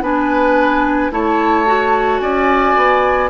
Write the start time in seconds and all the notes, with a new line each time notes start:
0.00 B3 D4 B4 G#5
1.11 A3 E4 C#5 A5
1.66 F#4
2.19 C#4 D5 G#5
2.76 B3